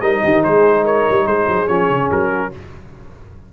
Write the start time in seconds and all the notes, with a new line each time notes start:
0.00 G3 D#4 A#4 D#5
0.24 D#3 G4
0.43 G#3 G#4 C5
0.84 A#4 C#5
1.10 G3
1.26 G#3 G#4 C5
1.47 F#3
1.68 F3 C#4 C#5
1.90 C#3
2.11 F#3 A#4
2.29 F#4